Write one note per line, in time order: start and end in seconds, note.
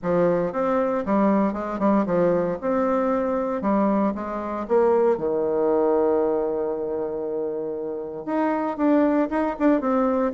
0.02 0.52 F3
0.52 1.04 C4
1.05 1.53 G3
1.53 1.79 G#3
1.79 2.05 G3
2.06 2.57 F3
2.61 3.61 C4
3.61 4.13 G3
4.14 4.66 G#3
4.67 5.17 A#3
5.17 8.25 D#3
8.25 8.77 D#4
8.77 9.28 D4
9.30 9.55 D#4
9.59 9.80 D4
9.80 10.32 C4